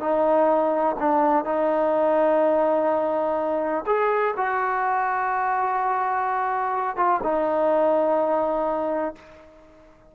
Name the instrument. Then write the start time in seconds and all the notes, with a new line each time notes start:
trombone
0.00 D#4
0.99 D4
1.45 D#4
3.86 G#4
4.37 F#4
6.96 F4
7.23 D#4